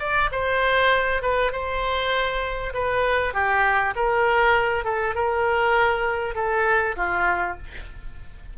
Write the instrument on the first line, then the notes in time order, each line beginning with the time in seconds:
oboe
0.00 D5
0.32 C5
1.22 B4
1.52 C5
2.74 B4
3.34 G4
3.96 A#4
4.85 A4
5.15 A#4
6.35 A4
6.97 F4